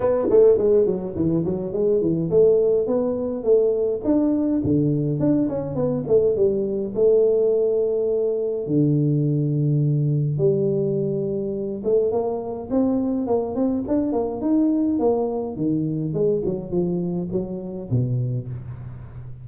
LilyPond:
\new Staff \with { instrumentName = "tuba" } { \time 4/4 \tempo 4 = 104 b8 a8 gis8 fis8 e8 fis8 gis8 e8 | a4 b4 a4 d'4 | d4 d'8 cis'8 b8 a8 g4 | a2. d4~ |
d2 g2~ | g8 a8 ais4 c'4 ais8 c'8 | d'8 ais8 dis'4 ais4 dis4 | gis8 fis8 f4 fis4 b,4 | }